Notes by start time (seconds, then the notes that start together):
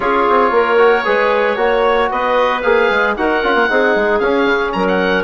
0.00 C#4 F4 G#4 C#5
0.29 C4
0.51 A#3 A#4
0.77 F#4
1.04 G#3 G#4 B4
1.56 A#3 F#4 C#5
2.10 B3 B4 D#5
2.61 A#3 G#4 F5
2.90 G#3
3.16 D#4 F#4 A#4 F#5
3.43 C#4 F4
3.54 A#3
3.69 C4 D#4 G#4
3.95 G#3
4.19 C#4 F5
4.45 C#3
4.72 F#3 A#4 A#5
4.87 F#5